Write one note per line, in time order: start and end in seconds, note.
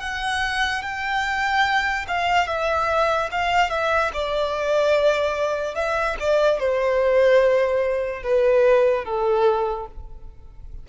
0.00 0.82 F#5
0.82 2.05 G5
2.08 2.47 F5
2.47 3.29 E5
3.31 3.70 F5
3.70 4.11 E5
4.13 5.75 D5
5.75 6.16 E5
6.20 6.59 D5
6.59 8.23 C5
8.23 9.04 B4
9.04 9.87 A4